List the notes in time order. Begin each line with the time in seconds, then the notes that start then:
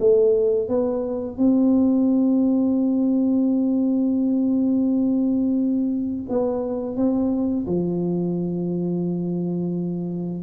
0.00 A3
0.68 B3
1.38 C4
6.29 B3
6.97 C4
7.67 F3